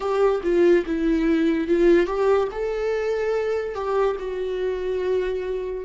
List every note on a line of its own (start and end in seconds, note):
0.00 0.41 G4
0.43 0.84 F4
0.86 1.67 E4
1.67 2.06 F4
2.06 2.48 G4
2.51 3.75 A4
3.75 4.16 G4
4.19 5.85 F#4